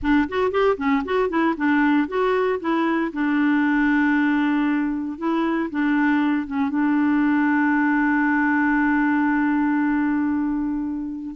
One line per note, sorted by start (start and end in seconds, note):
0.02 0.28 D4
0.28 0.51 F#4
0.51 0.76 G4
0.77 1.03 C#4
1.04 1.29 F#4
1.29 1.54 E4
1.56 2.07 D4
2.07 2.59 F#4
2.60 3.11 E4
3.12 5.17 D4
5.17 5.69 E4
5.70 6.46 D4
6.46 6.69 C#4
6.69 11.35 D4